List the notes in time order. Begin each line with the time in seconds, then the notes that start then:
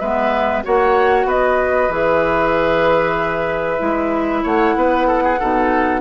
0.00 G#3 B3 B4 E5
0.64 A#3 F#4 C#5 F#5
1.25 B3 B4 D#5
1.89 E3 G#4 E5
3.79 G#3 E4
4.43 A3 C#5 F#5
4.76 B3 B4
5.07 A4
5.24 G#4
5.39 B2 D#4 A4